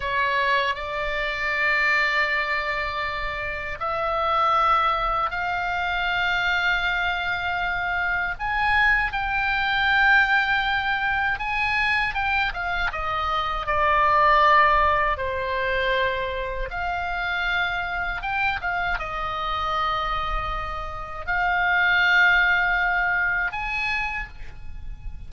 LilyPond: \new Staff \with { instrumentName = "oboe" } { \time 4/4 \tempo 4 = 79 cis''4 d''2.~ | d''4 e''2 f''4~ | f''2. gis''4 | g''2. gis''4 |
g''8 f''8 dis''4 d''2 | c''2 f''2 | g''8 f''8 dis''2. | f''2. gis''4 | }